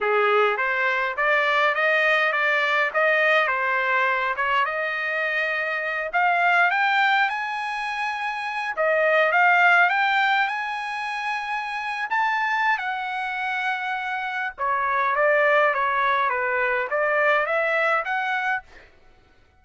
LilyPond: \new Staff \with { instrumentName = "trumpet" } { \time 4/4 \tempo 4 = 103 gis'4 c''4 d''4 dis''4 | d''4 dis''4 c''4. cis''8 | dis''2~ dis''8 f''4 g''8~ | g''8 gis''2~ gis''8 dis''4 |
f''4 g''4 gis''2~ | gis''8. a''4~ a''16 fis''2~ | fis''4 cis''4 d''4 cis''4 | b'4 d''4 e''4 fis''4 | }